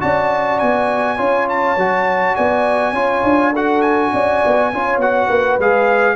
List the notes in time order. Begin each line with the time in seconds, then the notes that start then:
0.00 C#4 F#4 D5 A5
0.60 B3 G#5
1.18 C#4 F4 C#5
1.49 A5
1.77 F#3 F#4
2.36 B3 D5 G#5
2.93 C#4 F4 C#5
3.24 D4
3.53 F#4 A4 F#5
3.82 G#5
4.13 C#4 D5
4.46 B3
4.73 C#4 F4 C#5
4.98 B3 F#4 F#5
5.27 A#3 B4
5.59 G#3 G#4 F5